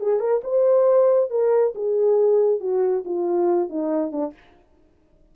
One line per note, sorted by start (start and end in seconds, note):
0.00 0.20 G#4
0.20 0.41 A#4
0.43 1.30 C5
1.30 1.74 A#4
1.75 2.60 G#4
2.60 3.04 F#4
3.05 3.69 F4
3.69 4.12 D#4
4.12 4.33 D4